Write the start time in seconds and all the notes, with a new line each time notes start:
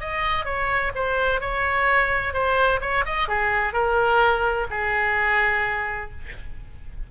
0.00 D#5
0.45 C#5
0.95 C5
1.40 C#5
2.33 C5
2.81 C#5
3.05 D#5
3.28 G#4
3.73 A#4
4.70 G#4